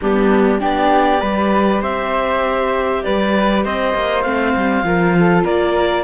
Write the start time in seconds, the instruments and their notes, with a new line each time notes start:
0.01 cello G3, viola B3, flute D4, clarinet G4
0.60 cello B3, viola D4, flute G4, clarinet D5
1.20 cello G3, viola G4, flute B4
1.81 cello C4, flute C5, clarinet E5
3.03 cello G3, flute B4, clarinet D5
3.64 cello C4, flute C5, clarinet D#5
3.94 cello A#3
4.22 cello A3, viola C4, clarinet F5
4.55 cello G3
4.83 cello F3, viola F4, flute A#4
5.19 flute A4
5.44 cello A#3, flute A#4, clarinet D5